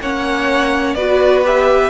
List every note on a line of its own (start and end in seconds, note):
0.00 0.95 A#3
0.00 0.97 C#4
0.00 0.96 C#5
0.00 0.94 F#5
0.94 1.90 B3
0.94 1.44 F#4
0.94 1.90 B4
0.94 1.42 D5
1.44 1.90 G4
1.44 1.90 E5